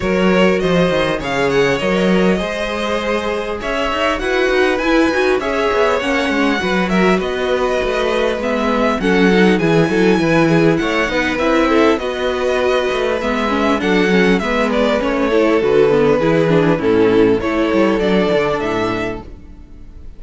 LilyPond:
<<
  \new Staff \with { instrumentName = "violin" } { \time 4/4 \tempo 4 = 100 cis''4 dis''4 f''8 fis''8 dis''4~ | dis''2 e''4 fis''4 | gis''4 e''4 fis''4. e''8 | dis''2 e''4 fis''4 |
gis''2 fis''4 e''4 | dis''2 e''4 fis''4 | e''8 d''8 cis''4 b'2 | a'4 cis''4 d''4 e''4 | }
  \new Staff \with { instrumentName = "violin" } { \time 4/4 ais'4 c''4 cis''2 | c''2 cis''4 b'4~ | b'4 cis''2 b'8 ais'8 | b'2. a'4 |
gis'8 a'8 b'8 gis'8 cis''8 b'4 a'8 | b'2. a'4 | b'4. a'4. gis'4 | e'4 a'2. | }
  \new Staff \with { instrumentName = "viola" } { \time 4/4 fis'2 gis'4 ais'4 | gis'2. fis'4 | e'8 fis'8 gis'4 cis'4 fis'4~ | fis'2 b4 cis'8 dis'8 |
e'2~ e'8 dis'8 e'4 | fis'2 b8 cis'8 d'8 cis'8 | b4 cis'8 e'8 fis'8 b8 e'8 d'8 | cis'4 e'4 d'2 | }
  \new Staff \with { instrumentName = "cello" } { \time 4/4 fis4 f8 dis8 cis4 fis4 | gis2 cis'8 dis'8 e'8 dis'8 | e'8 dis'8 cis'8 b8 ais8 gis8 fis4 | b4 a4 gis4 fis4 |
e8 fis8 e4 a8 b8 c'4 | b4. a8 gis4 fis4 | gis4 a4 d4 e4 | a,4 a8 g8 fis8 d8 a,4 | }
>>